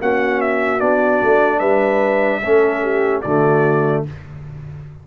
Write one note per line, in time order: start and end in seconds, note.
0.00 0.81 A#3
0.00 0.80 C#4
0.00 1.59 F#4
0.00 0.41 F#5
0.41 0.80 E5
0.80 1.21 B3
0.80 2.42 D4
0.80 1.59 D5
1.23 1.60 A3
1.59 2.42 G3
1.59 2.40 B4
1.59 3.22 E5
2.43 3.25 A3
2.43 3.24 C#4
2.43 2.83 A4
2.83 3.23 G4
3.22 4.06 D3
3.22 4.07 A3
3.22 4.04 F#4
3.22 4.03 D5